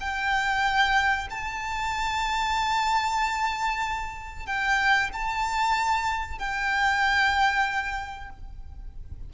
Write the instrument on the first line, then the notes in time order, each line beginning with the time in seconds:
violin
0.00 G5
1.30 A5
4.46 G5
5.13 A5
6.38 G5